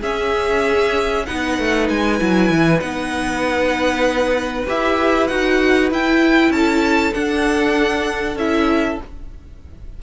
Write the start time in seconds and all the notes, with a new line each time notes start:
0.00 C#4 G#4 E5
1.25 B3 D#4 B4 F#5
1.58 A3
1.89 G#3 G#5
2.18 F#3 E4
2.49 E3
2.79 B3 D#4 F#5
4.66 E4 G4 E5
5.27 D#4 F#4 F#5
5.90 E4 G5
6.49 C#4 A4 A5
7.12 D4 F#5
8.35 C#4 E4 E5